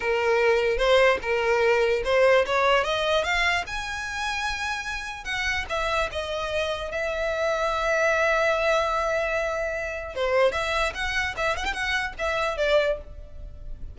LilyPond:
\new Staff \with { instrumentName = "violin" } { \time 4/4 \tempo 4 = 148 ais'2 c''4 ais'4~ | ais'4 c''4 cis''4 dis''4 | f''4 gis''2.~ | gis''4 fis''4 e''4 dis''4~ |
dis''4 e''2.~ | e''1~ | e''4 c''4 e''4 fis''4 | e''8 fis''16 g''16 fis''4 e''4 d''4 | }